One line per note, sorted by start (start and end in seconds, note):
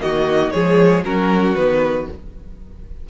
0.00 0.54 D#3
0.00 0.52 A#3
0.00 0.53 F#4
0.00 0.51 D#5
0.51 1.04 F3
0.51 1.05 G#3
0.51 1.05 G#4
0.51 1.03 C#5
1.04 1.55 F#3
1.04 1.57 C#4
1.04 2.10 F#4
1.04 1.56 A#4
1.56 2.08 D#3
1.56 2.09 B3
1.56 2.07 B4